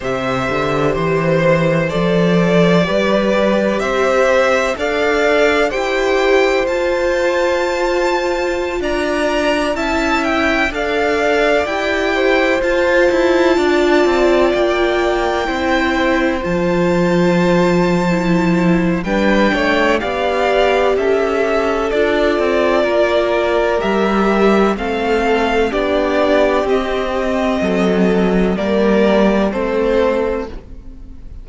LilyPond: <<
  \new Staff \with { instrumentName = "violin" } { \time 4/4 \tempo 4 = 63 e''4 c''4 d''2 | e''4 f''4 g''4 a''4~ | a''4~ a''16 ais''4 a''8 g''8 f''8.~ | f''16 g''4 a''2 g''8.~ |
g''4~ g''16 a''2~ a''8. | g''4 f''4 e''4 d''4~ | d''4 e''4 f''4 d''4 | dis''2 d''4 c''4 | }
  \new Staff \with { instrumentName = "violin" } { \time 4/4 c''2. b'4 | c''4 d''4 c''2~ | c''4~ c''16 d''4 e''4 d''8.~ | d''8. c''4. d''4.~ d''16~ |
d''16 c''2.~ c''8. | b'8 cis''8 d''4 a'2 | ais'2 a'4 g'4~ | g'4 a'4 ais'4 a'4 | }
  \new Staff \with { instrumentName = "viola" } { \time 4/4 g'2 a'4 g'4~ | g'4 a'4 g'4 f'4~ | f'2~ f'16 e'4 a'8.~ | a'16 g'4 f'2~ f'8.~ |
f'16 e'4 f'4.~ f'16 e'4 | d'4 g'2 f'4~ | f'4 g'4 c'4 d'4 | c'2 ais4 c'4 | }
  \new Staff \with { instrumentName = "cello" } { \time 4/4 c8 d8 e4 f4 g4 | c'4 d'4 e'4 f'4~ | f'4~ f'16 d'4 cis'4 d'8.~ | d'16 e'4 f'8 e'8 d'8 c'8 ais8.~ |
ais16 c'4 f2~ f8. | g8 a8 b4 cis'4 d'8 c'8 | ais4 g4 a4 b4 | c'4 fis4 g4 a4 | }
>>